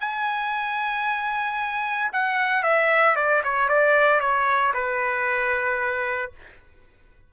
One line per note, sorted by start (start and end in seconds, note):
0.00 2.11 G#5
2.12 2.63 F#5
2.63 3.16 E5
3.16 3.42 D5
3.44 3.69 C#5
3.69 4.20 D5
4.20 4.73 C#5
4.74 6.32 B4